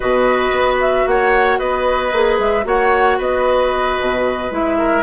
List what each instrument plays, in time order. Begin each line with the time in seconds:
0.00 bassoon B2, clarinet F#4, oboe B4, flute D#5
0.51 bassoon B3
0.80 flute E5
1.06 bassoon A#3, oboe C#5, flute F#5
1.58 bassoon B3, oboe B4, flute D#5
2.12 bassoon A#3, clarinet G#4
2.38 bassoon G#3, flute E5
2.63 bassoon A#3, clarinet F#4, oboe C#5, flute F#5
3.17 bassoon B3, oboe B4, flute D#5
4.00 bassoon B2
4.50 bassoon G#3, clarinet E4, flute E5
4.78 oboe A#4